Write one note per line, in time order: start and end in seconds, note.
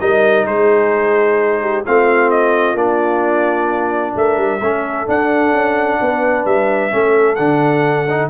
0.00 0.46 G3
0.00 1.85 D#4
0.00 0.47 A#4
0.00 0.46 D#5
0.46 1.84 G#3
0.46 1.62 G#4
0.46 1.86 C5
1.62 1.85 G4
1.86 2.74 A3
1.86 2.76 C4
1.86 4.17 F4
1.86 2.31 F5
2.31 2.77 D#5
2.74 4.13 A#3
2.74 4.61 D4
2.74 4.16 D5
4.16 4.37 A3
4.16 4.61 A#4
4.16 5.09 E5
4.37 4.60 G3
4.61 5.07 A3
4.61 5.07 C#4
4.61 5.99 A4
5.07 6.90 D4
5.07 5.53 D4
5.07 6.46 F#5
5.53 5.99 C#4
6.01 6.45 B3
6.01 6.94 B4
6.45 6.92 G3
6.45 7.36 E5
6.90 7.39 A3
6.90 7.37 C#4
6.90 8.30 A4
7.36 8.30 D3
7.36 8.08 D4
7.36 8.28 F#5
8.10 8.30 D#4